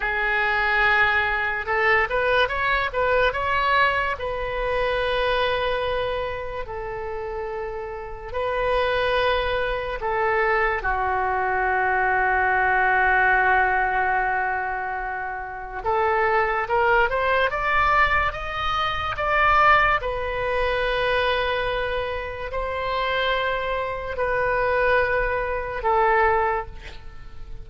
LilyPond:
\new Staff \with { instrumentName = "oboe" } { \time 4/4 \tempo 4 = 72 gis'2 a'8 b'8 cis''8 b'8 | cis''4 b'2. | a'2 b'2 | a'4 fis'2.~ |
fis'2. a'4 | ais'8 c''8 d''4 dis''4 d''4 | b'2. c''4~ | c''4 b'2 a'4 | }